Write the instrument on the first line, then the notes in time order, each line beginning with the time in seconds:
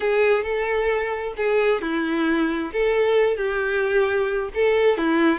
violin
0.00 G#4
0.43 A4
1.37 G#4
1.81 E4
2.73 A4
3.36 G4
4.54 A4
4.97 E4